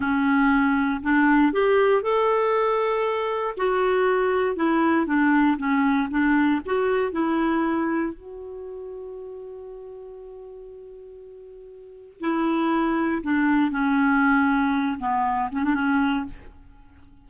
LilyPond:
\new Staff \with { instrumentName = "clarinet" } { \time 4/4 \tempo 4 = 118 cis'2 d'4 g'4 | a'2. fis'4~ | fis'4 e'4 d'4 cis'4 | d'4 fis'4 e'2 |
fis'1~ | fis'1 | e'2 d'4 cis'4~ | cis'4. b4 cis'16 d'16 cis'4 | }